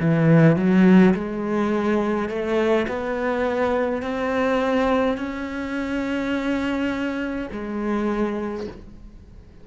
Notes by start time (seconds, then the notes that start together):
0.00 E3
0.56 F#3
1.14 G#3
2.29 A3
2.87 B3
4.02 C4
5.17 C#4
7.51 G#3